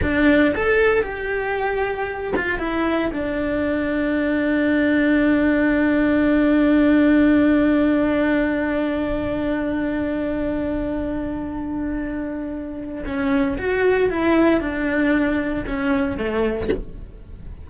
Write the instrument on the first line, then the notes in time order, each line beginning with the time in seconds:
cello
0.02 D4
0.55 A4
1.02 G4
2.35 F4
2.58 E4
3.13 D4
13.05 C#4
13.58 F#4
14.10 E4
14.60 D4
15.66 C#4
16.17 A3